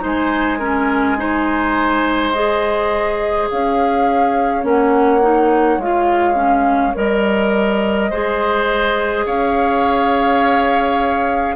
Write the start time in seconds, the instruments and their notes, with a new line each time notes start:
0.00 bassoon G#3, clarinet D#4, oboe C5
0.06 flute G#5
0.59 clarinet C#4, oboe A#4
1.18 clarinet D#4, oboe C5
2.32 clarinet G#4, flute D#5
3.50 bassoon C#4, oboe C#5, flute F5
4.63 bassoon A#3, clarinet C#4, flute F#5
5.22 clarinet D#4
5.78 bassoon G#3, clarinet F4, flute F5
6.35 clarinet C#4
6.95 bassoon G3, clarinet A#4, flute D#5
8.10 bassoon G#3, clarinet G#4, oboe C5
9.26 bassoon C#4, oboe C#5, flute F5